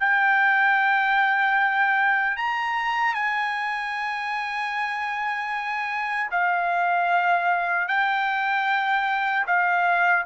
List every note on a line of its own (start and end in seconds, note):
0.00 2.37 G5
2.37 3.14 A#5
3.14 6.30 G#5
6.31 7.88 F5
7.88 9.46 G5
9.47 10.26 F5